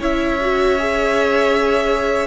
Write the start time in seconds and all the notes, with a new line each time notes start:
0.00 C#4 E4 C#5 E5
0.41 F#4
0.79 G#4